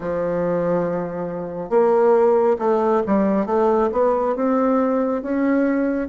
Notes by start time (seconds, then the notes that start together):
0.00 F3
1.70 A#3
2.58 A3
3.06 G3
3.46 A3
3.92 B3
4.35 C4
5.22 C#4